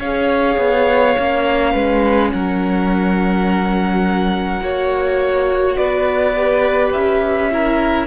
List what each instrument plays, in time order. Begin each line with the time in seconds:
0.00 cello C#4, viola G#4, violin C#5 F5
0.58 cello B3
1.17 cello A#3, viola C#4
1.73 cello G#3, violin B4
2.32 cello F#3, violin A#4 F#5
4.62 cello A#3, viola F#4, violin C#5
5.77 cello B3, violin B4 D5
6.36 viola G4
6.94 cello C#4, violin E5
7.51 viola E4, violin A#4